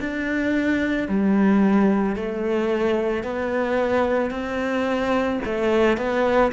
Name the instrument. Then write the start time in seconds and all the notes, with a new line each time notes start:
cello
0.00 D4
1.08 G3
2.16 A3
3.24 B3
4.31 C4
5.45 A3
5.98 B3